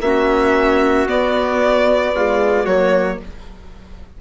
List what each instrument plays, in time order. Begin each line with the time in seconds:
0.00 bassoon A#3, viola C#4, trumpet F#4, violin E5
1.07 viola B3, bassoon B3, violin D5
2.15 viola G#3, trumpet F4
2.64 bassoon F#3, viola A#3, trumpet F#4, violin C#5